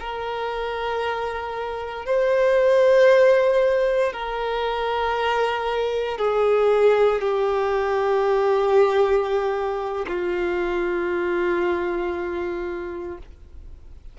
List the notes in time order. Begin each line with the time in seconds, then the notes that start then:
0.00 A#4
2.06 C5
4.13 A#4
6.18 G#4
7.22 G4
10.08 F4